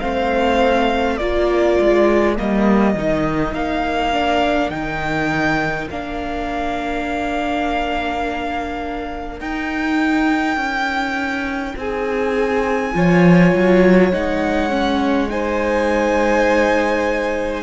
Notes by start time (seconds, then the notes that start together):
0.00 A3 C4 C5 F5
1.18 A#3 F4 A#4 D5
1.81 G#3
2.37 G3 A#3 D#5
2.95 D#3 D#4
3.54 A#3 F5
4.13 D4
4.71 D#3 D#4 G5
5.91 A#3 D4 F5
9.40 D#4 G5
10.57 C#4
11.76 C4 G#4 G#5
12.94 F3 F4 C#5
13.55 F#3
14.13 G#3 D#4 F#5
14.70 C#4
15.30 D#4 C5 G#5